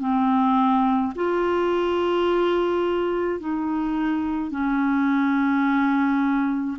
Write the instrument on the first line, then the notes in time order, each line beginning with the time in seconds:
clarinet
0.00 C4
1.15 F4
3.40 D#4
4.51 C#4